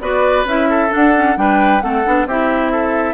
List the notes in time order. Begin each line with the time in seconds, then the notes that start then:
0.00 B3 F#4 B4 D5
0.44 C#4 E4 E5
0.69 A4
0.89 D4 F#5
0.95 D4
1.15 C#4
1.36 G3 D4 B4 G5
1.81 A3 C4 A4 F#5
2.04 B3 D4
2.26 C4 E4 G4 E5
2.72 A4